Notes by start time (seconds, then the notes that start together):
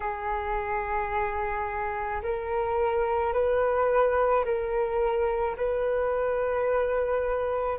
0.00 G#4
2.22 A#4
3.33 B4
4.44 A#4
5.57 B4